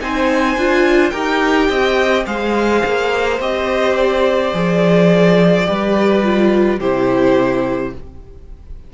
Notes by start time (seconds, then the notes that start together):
0.00 C4 D#4 C5 G#5
0.57 D4 F4
1.10 D#4 G4 A#4 G5
1.69 C4 D#5
2.27 G#3 G#4 C5 F5
2.85 A#3
3.40 C4 G4 D#5
3.96 D5
4.54 F3 G#4
5.67 G3 G4 B4
6.24 F4
6.80 C3 E4 G4 C5